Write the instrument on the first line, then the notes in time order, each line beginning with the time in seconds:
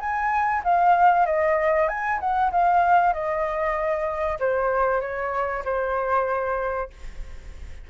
flute
0.00 G#5
0.64 F5
1.26 D#5
1.88 G#5
2.20 F#5
2.51 F5
3.13 D#5
4.39 C5
5.01 C#5
5.65 C5